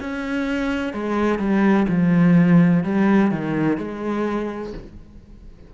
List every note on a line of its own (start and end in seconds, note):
0.00 0.93 C#4
0.93 1.39 G#3
1.39 1.86 G3
1.88 2.84 F3
2.84 3.31 G3
3.31 3.78 D#3
3.78 4.73 G#3